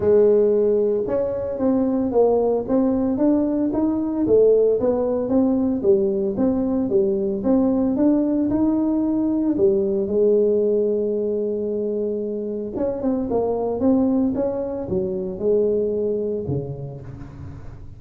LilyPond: \new Staff \with { instrumentName = "tuba" } { \time 4/4 \tempo 4 = 113 gis2 cis'4 c'4 | ais4 c'4 d'4 dis'4 | a4 b4 c'4 g4 | c'4 g4 c'4 d'4 |
dis'2 g4 gis4~ | gis1 | cis'8 c'8 ais4 c'4 cis'4 | fis4 gis2 cis4 | }